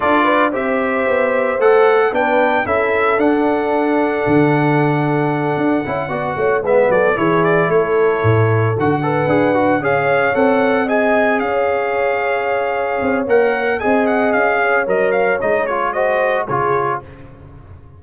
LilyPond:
<<
  \new Staff \with { instrumentName = "trumpet" } { \time 4/4 \tempo 4 = 113 d''4 e''2 fis''4 | g''4 e''4 fis''2~ | fis''1~ | fis''8 e''8 d''8 cis''8 d''8 cis''4.~ |
cis''8 fis''2 f''4 fis''8~ | fis''8 gis''4 f''2~ f''8~ | f''4 fis''4 gis''8 fis''8 f''4 | dis''8 f''8 dis''8 cis''8 dis''4 cis''4 | }
  \new Staff \with { instrumentName = "horn" } { \time 4/4 a'8 b'8 c''2. | b'4 a'2.~ | a'2.~ a'8 d''8 | cis''8 b'8 a'8 gis'4 a'4.~ |
a'4 b'4. cis''4.~ | cis''8 dis''4 cis''2~ cis''8~ | cis''2 dis''4. cis''8~ | cis''2 c''4 gis'4 | }
  \new Staff \with { instrumentName = "trombone" } { \time 4/4 f'4 g'2 a'4 | d'4 e'4 d'2~ | d'2. e'8 fis'8~ | fis'8 b4 e'2~ e'8~ |
e'8 fis'8 a'8 gis'8 fis'8 gis'4 a'8~ | a'8 gis'2.~ gis'8~ | gis'4 ais'4 gis'2 | ais'4 dis'8 f'8 fis'4 f'4 | }
  \new Staff \with { instrumentName = "tuba" } { \time 4/4 d'4 c'4 b4 a4 | b4 cis'4 d'2 | d2~ d8 d'8 cis'8 b8 | a8 gis8 fis8 e4 a4 a,8~ |
a,8 d4 d'4 cis'4 c'8~ | c'4. cis'2~ cis'8~ | cis'8 c'8 ais4 c'4 cis'4 | fis4 gis2 cis4 | }
>>